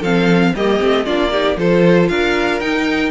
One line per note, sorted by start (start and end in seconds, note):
0.00 0.54 F3
0.00 0.55 C4
0.00 0.52 A4
0.00 0.56 F5
0.55 0.81 G3
0.55 0.79 A#3
0.55 1.06 G4
0.55 1.06 D#5
0.79 1.07 A3
0.79 1.05 C4
1.05 1.57 A#3
1.05 1.31 D4
1.05 1.32 F4
1.05 1.58 D5
1.32 1.57 D#4
1.32 1.58 G4
1.57 2.09 F3
1.57 2.61 F4
1.57 2.10 A4
1.57 2.09 C5
2.09 2.61 D4
2.09 3.11 A#4
2.09 2.60 F5
2.60 3.11 D#4
2.60 3.11 G5